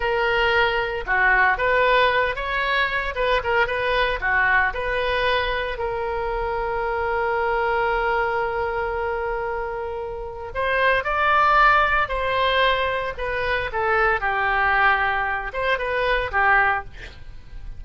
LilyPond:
\new Staff \with { instrumentName = "oboe" } { \time 4/4 \tempo 4 = 114 ais'2 fis'4 b'4~ | b'8 cis''4. b'8 ais'8 b'4 | fis'4 b'2 ais'4~ | ais'1~ |
ais'1 | c''4 d''2 c''4~ | c''4 b'4 a'4 g'4~ | g'4. c''8 b'4 g'4 | }